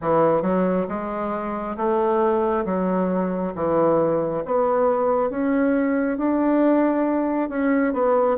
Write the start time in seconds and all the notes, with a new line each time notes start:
0.01 E3
0.42 F#3
0.88 G#3
1.76 A3
2.65 F#3
3.55 E3
4.45 B3
5.29 C#4
6.17 D4
7.49 C#4
7.93 B3